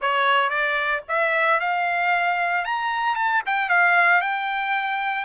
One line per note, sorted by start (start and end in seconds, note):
0.01 0.49 C#5
0.49 1.02 D5
1.08 1.60 E5
1.60 2.65 F5
2.65 3.15 A#5
3.15 3.42 A5
3.45 3.69 G5
3.69 4.21 F5
4.21 5.24 G5